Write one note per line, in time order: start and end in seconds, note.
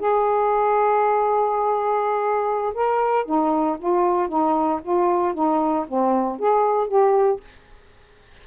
0.00 2.74 G#4
2.75 3.26 A#4
3.26 3.78 D#4
3.79 4.29 F4
4.29 4.81 D#4
4.83 5.34 F4
5.34 5.86 D#4
5.88 6.40 C4
6.40 6.88 G#4
6.88 7.41 G4